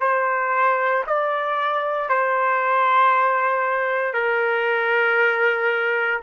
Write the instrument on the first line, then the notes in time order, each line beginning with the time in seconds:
trumpet
0.00 C5
1.07 D5
2.09 C5
4.13 A#4